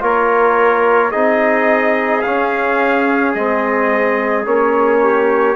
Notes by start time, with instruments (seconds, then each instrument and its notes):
0.00 bassoon A#3, trombone F4, trumpet A#4 C#5
1.12 bassoon C4, trombone D#4, trumpet G#4 D#5
2.22 trombone C#4, bassoon C#4, trumpet F5
3.34 bassoon G#3, trombone C4, trumpet D#5
4.45 bassoon A#3, trombone C#4, trumpet C#5
5.03 trumpet G4